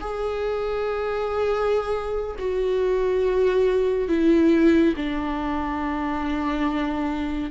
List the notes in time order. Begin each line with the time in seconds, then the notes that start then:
0.00 G#4
2.38 F#4
4.08 E4
4.96 D4